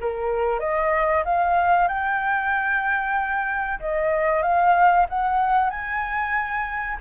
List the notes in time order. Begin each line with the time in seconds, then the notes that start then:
0.00 A#4
0.59 D#5
1.25 F5
1.88 G5
3.80 D#5
4.42 F5
5.09 F#5
5.70 G#5